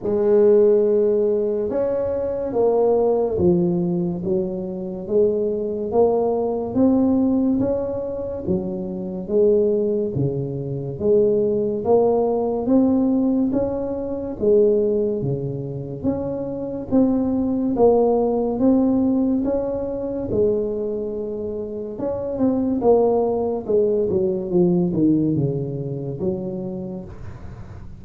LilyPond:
\new Staff \with { instrumentName = "tuba" } { \time 4/4 \tempo 4 = 71 gis2 cis'4 ais4 | f4 fis4 gis4 ais4 | c'4 cis'4 fis4 gis4 | cis4 gis4 ais4 c'4 |
cis'4 gis4 cis4 cis'4 | c'4 ais4 c'4 cis'4 | gis2 cis'8 c'8 ais4 | gis8 fis8 f8 dis8 cis4 fis4 | }